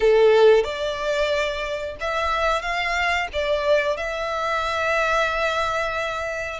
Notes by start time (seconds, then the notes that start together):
0.00 A4
0.64 D5
2.00 E5
2.61 F5
3.32 D5
3.97 E5